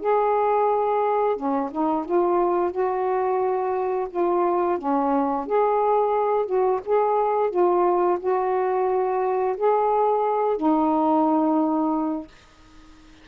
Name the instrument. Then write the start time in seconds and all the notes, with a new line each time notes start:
saxophone
0.00 G#4
1.36 C#4
1.71 D#4
2.05 F4
2.71 F#4
4.10 F4
4.78 C#4
5.46 G#4
6.46 F#4
6.85 G#4
7.50 F4
8.19 F#4
9.57 G#4
10.57 D#4